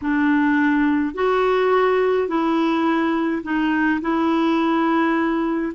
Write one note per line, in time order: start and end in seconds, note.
0.01 1.14 D4
1.14 2.28 F#4
2.28 3.42 E4
3.43 4.00 D#4
4.01 5.72 E4